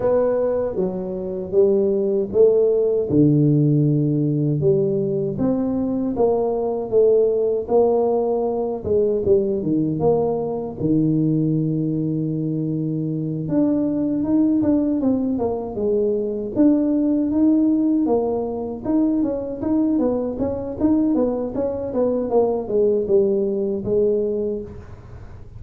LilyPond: \new Staff \with { instrumentName = "tuba" } { \time 4/4 \tempo 4 = 78 b4 fis4 g4 a4 | d2 g4 c'4 | ais4 a4 ais4. gis8 | g8 dis8 ais4 dis2~ |
dis4. d'4 dis'8 d'8 c'8 | ais8 gis4 d'4 dis'4 ais8~ | ais8 dis'8 cis'8 dis'8 b8 cis'8 dis'8 b8 | cis'8 b8 ais8 gis8 g4 gis4 | }